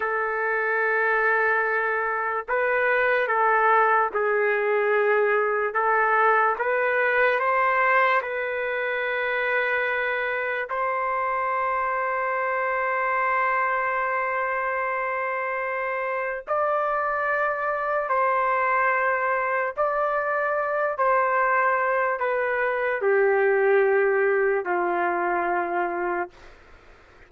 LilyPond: \new Staff \with { instrumentName = "trumpet" } { \time 4/4 \tempo 4 = 73 a'2. b'4 | a'4 gis'2 a'4 | b'4 c''4 b'2~ | b'4 c''2.~ |
c''1 | d''2 c''2 | d''4. c''4. b'4 | g'2 f'2 | }